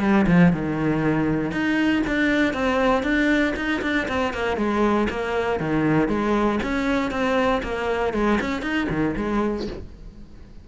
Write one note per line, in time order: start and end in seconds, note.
0.00 0.25 G3
0.27 0.52 F3
0.52 1.51 D#3
1.51 2.02 D#4
2.07 2.53 D4
2.53 3.03 C4
3.03 3.53 D4
3.56 3.81 D#4
3.82 4.07 D4
4.08 4.33 C4
4.33 4.56 A#3
4.56 5.07 G#3
5.10 5.59 A#3
5.59 6.08 D#3
6.08 6.59 G#3
6.62 7.10 C#4
7.10 7.61 C4
7.63 8.13 A#3
8.13 8.39 G#3
8.40 8.62 C#4
8.62 8.87 D#4
8.89 9.14 D#3
9.16 9.67 G#3